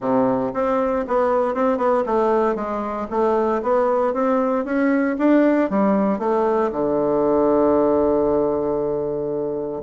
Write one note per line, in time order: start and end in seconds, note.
0.00 0.52 C3
0.53 1.05 C4
1.07 1.54 B3
1.54 1.77 C4
1.77 2.03 B3
2.05 2.55 A3
2.55 3.07 G#3
3.10 3.62 A3
3.62 4.13 B3
4.13 4.64 C4
4.64 5.16 C#4
5.18 5.69 D4
5.69 6.19 G3
6.19 6.70 A3
6.72 9.83 D3